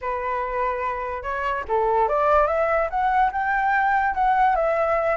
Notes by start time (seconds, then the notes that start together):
0.01 B4
1.22 C#5
1.68 A4
2.08 D5
2.47 E5
2.89 F#5
3.32 G5
4.14 F#5
4.55 E5